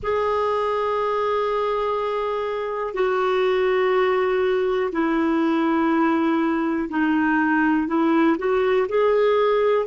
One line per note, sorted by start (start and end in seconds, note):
0.02 2.93 G#4
2.93 4.90 F#4
4.92 6.89 E4
6.89 7.87 D#4
7.87 8.36 E4
8.37 8.87 F#4
8.88 9.86 G#4